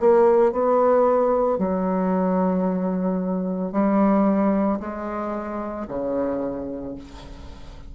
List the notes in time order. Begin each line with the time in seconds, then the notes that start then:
0.00 A#3
0.52 B3
1.58 F#3
3.72 G3
4.80 G#3
5.88 C#3